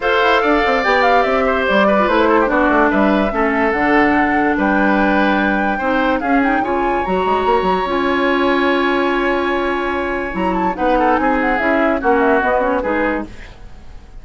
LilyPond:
<<
  \new Staff \with { instrumentName = "flute" } { \time 4/4 \tempo 4 = 145 f''2 g''8 f''8 e''4 | d''4 c''4 d''4 e''4~ | e''4 fis''2 g''4~ | g''2. f''8 g''8 |
gis''4 ais''2 gis''4~ | gis''1~ | gis''4 ais''8 a''8 fis''4 gis''8 fis''8 | e''4 fis''8 e''8 dis''8 cis''8 b'4 | }
  \new Staff \with { instrumentName = "oboe" } { \time 4/4 c''4 d''2~ d''8 c''8~ | c''8 b'4 a'16 g'16 fis'4 b'4 | a'2. b'4~ | b'2 c''4 gis'4 |
cis''1~ | cis''1~ | cis''2 b'8 a'8 gis'4~ | gis'4 fis'2 gis'4 | }
  \new Staff \with { instrumentName = "clarinet" } { \time 4/4 a'2 g'2~ | g'8. f'16 e'4 d'2 | cis'4 d'2.~ | d'2 dis'4 cis'8 dis'8 |
f'4 fis'2 f'4~ | f'1~ | f'4 e'4 dis'2 | e'4 cis'4 b8 cis'8 dis'4 | }
  \new Staff \with { instrumentName = "bassoon" } { \time 4/4 f'8 e'8 d'8 c'8 b4 c'4 | g4 a4 b8 a8 g4 | a4 d2 g4~ | g2 c'4 cis'4 |
cis4 fis8 gis8 ais8 fis8 cis'4~ | cis'1~ | cis'4 fis4 b4 c'4 | cis'4 ais4 b4 gis4 | }
>>